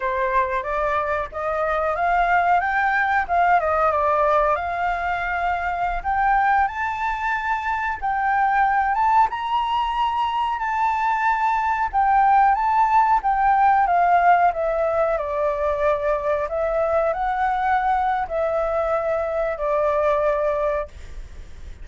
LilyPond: \new Staff \with { instrumentName = "flute" } { \time 4/4 \tempo 4 = 92 c''4 d''4 dis''4 f''4 | g''4 f''8 dis''8 d''4 f''4~ | f''4~ f''16 g''4 a''4.~ a''16~ | a''16 g''4. a''8 ais''4.~ ais''16~ |
ais''16 a''2 g''4 a''8.~ | a''16 g''4 f''4 e''4 d''8.~ | d''4~ d''16 e''4 fis''4.~ fis''16 | e''2 d''2 | }